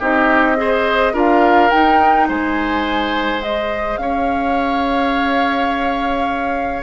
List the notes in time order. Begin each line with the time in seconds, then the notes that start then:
0.00 C4 D#4 G4 D#5
0.57 G#4 C5
1.13 D4 F4 A#4 F5
1.71 D#4 G5
2.29 G#3 C5 G#5
3.40 G#4 D#5
3.97 C#4 C#5 F5